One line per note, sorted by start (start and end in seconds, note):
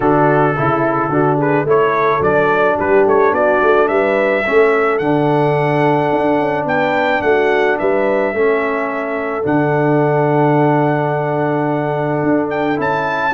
0.00 0.55 D3
0.00 0.56 D4
0.00 0.56 F#4
0.00 1.39 A4
0.56 1.09 C#3
0.56 1.10 E4
0.56 1.11 E4
1.09 1.64 D3
1.09 1.66 D4
1.09 1.37 F#4
1.37 1.65 G#4
1.37 1.68 B4
1.64 2.19 A3
1.64 2.21 E4
1.64 2.77 A4
1.64 2.22 C#5
2.20 2.75 F#3
2.20 4.43 D4
2.20 2.78 D5
2.77 3.06 G3
2.77 3.32 G4
2.77 3.07 B4
3.06 3.32 A3
3.06 3.34 C#5
3.32 3.59 B3
3.32 3.88 F#4
3.32 3.88 D5
3.62 3.89 A3
3.88 4.44 G3
3.88 4.44 B4
3.88 4.98 E5
4.46 4.99 A3
4.46 5.01 C#4
4.46 6.67 A4
4.98 6.10 D3
4.98 8.35 D4
4.98 6.65 F#5
6.12 6.39 D4
6.39 6.65 C#4
6.65 7.20 B3
6.65 7.23 B4
6.65 7.22 G5
7.22 7.78 A3
7.22 7.78 F#4
7.22 7.77 F#5
7.78 8.33 G3
7.78 8.34 B4
7.78 9.45 E5
8.33 9.44 A3
8.33 9.42 C#4
8.33 13.34 A4
9.42 12.22 D3
9.42 12.76 D4
9.42 12.50 F#5
12.22 12.78 D4
12.50 12.78 G5
12.76 13.34 C#4
12.76 13.31 E4
12.76 13.34 A5